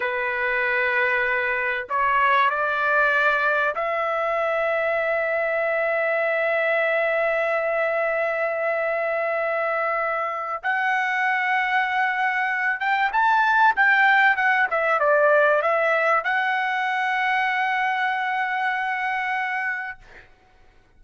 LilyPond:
\new Staff \with { instrumentName = "trumpet" } { \time 4/4 \tempo 4 = 96 b'2. cis''4 | d''2 e''2~ | e''1~ | e''1~ |
e''4 fis''2.~ | fis''8 g''8 a''4 g''4 fis''8 e''8 | d''4 e''4 fis''2~ | fis''1 | }